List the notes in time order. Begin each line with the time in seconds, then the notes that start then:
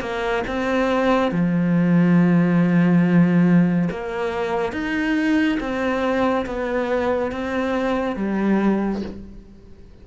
0.00 A#3
0.47 C4
1.31 F3
3.90 A#3
4.73 D#4
5.60 C4
6.46 B3
7.32 C4
8.16 G3